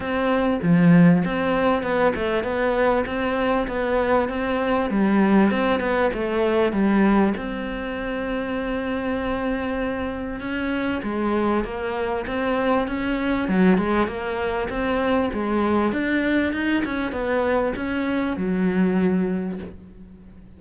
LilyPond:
\new Staff \with { instrumentName = "cello" } { \time 4/4 \tempo 4 = 98 c'4 f4 c'4 b8 a8 | b4 c'4 b4 c'4 | g4 c'8 b8 a4 g4 | c'1~ |
c'4 cis'4 gis4 ais4 | c'4 cis'4 fis8 gis8 ais4 | c'4 gis4 d'4 dis'8 cis'8 | b4 cis'4 fis2 | }